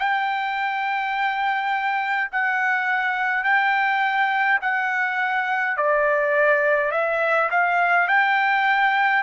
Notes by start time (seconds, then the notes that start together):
0.00 G5
2.32 F#5
3.44 G5
4.62 F#5
5.77 D5
6.92 E5
7.51 F5
8.08 G5